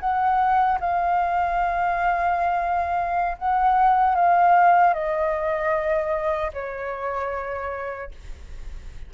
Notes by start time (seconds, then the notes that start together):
0.00 F#5
0.80 F5
3.38 F#5
4.15 F5
4.94 D#5
6.53 C#5